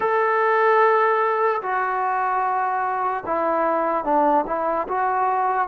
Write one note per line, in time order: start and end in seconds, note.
0.00 1.61 A4
1.61 3.24 F#4
3.26 4.04 E4
4.04 4.44 D4
4.46 4.87 E4
4.88 5.68 F#4